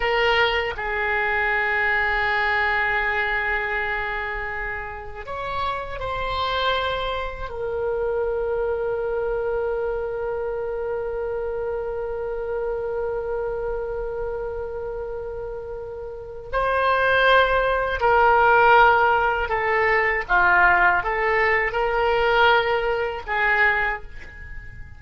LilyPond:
\new Staff \with { instrumentName = "oboe" } { \time 4/4 \tempo 4 = 80 ais'4 gis'2.~ | gis'2. cis''4 | c''2 ais'2~ | ais'1~ |
ais'1~ | ais'2 c''2 | ais'2 a'4 f'4 | a'4 ais'2 gis'4 | }